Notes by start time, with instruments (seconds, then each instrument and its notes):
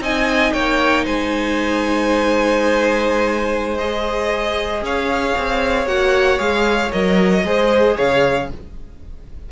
0.00 cello C4, viola D#4, violin D#5 G#5
0.53 cello A#3, violin C#5 G5
1.05 cello G#3, violin C5 G#5
3.78 viola G#4, violin D#5
4.82 cello C#4, violin C#5 F5
5.38 cello C4
5.86 cello A#3, viola F#4, violin F#5
6.38 cello G#3, viola G#4, violin F5
6.92 cello F#3, viola A#4, violin D#5
7.44 cello G#3, viola G#4, violin C5
7.97 cello C#3, violin C#5 F5